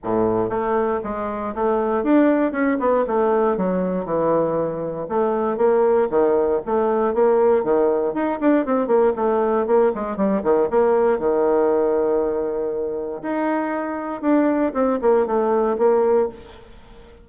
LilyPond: \new Staff \with { instrumentName = "bassoon" } { \time 4/4 \tempo 4 = 118 a,4 a4 gis4 a4 | d'4 cis'8 b8 a4 fis4 | e2 a4 ais4 | dis4 a4 ais4 dis4 |
dis'8 d'8 c'8 ais8 a4 ais8 gis8 | g8 dis8 ais4 dis2~ | dis2 dis'2 | d'4 c'8 ais8 a4 ais4 | }